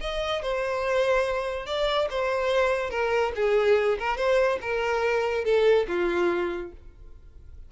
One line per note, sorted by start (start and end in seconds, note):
0.00 0.42 D#5
0.42 1.66 C5
1.66 2.08 D5
2.10 2.90 C5
2.90 3.32 A#4
3.35 3.98 G#4
3.99 4.16 A#4
4.16 4.58 C5
4.61 5.44 A#4
5.44 5.86 A4
5.88 6.72 F4